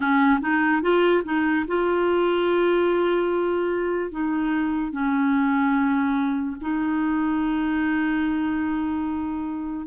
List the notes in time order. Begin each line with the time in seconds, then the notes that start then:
0.00 C#4
0.40 D#4
0.82 F4
1.24 D#4
1.67 F4
4.11 D#4
4.92 C#4
6.61 D#4